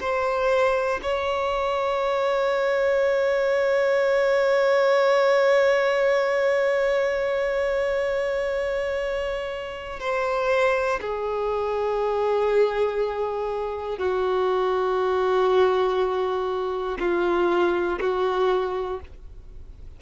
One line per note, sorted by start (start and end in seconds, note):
0.00 1.00 C5
1.02 9.99 C#5
9.99 10.99 C5
11.00 13.98 G#4
13.98 16.98 F#4
16.99 17.99 F4
18.00 19.00 F#4